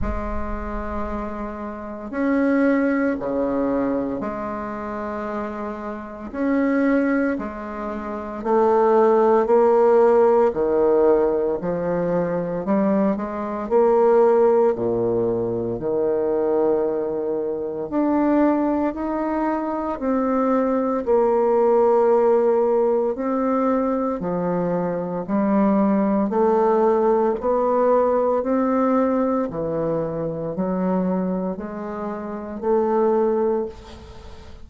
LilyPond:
\new Staff \with { instrumentName = "bassoon" } { \time 4/4 \tempo 4 = 57 gis2 cis'4 cis4 | gis2 cis'4 gis4 | a4 ais4 dis4 f4 | g8 gis8 ais4 ais,4 dis4~ |
dis4 d'4 dis'4 c'4 | ais2 c'4 f4 | g4 a4 b4 c'4 | e4 fis4 gis4 a4 | }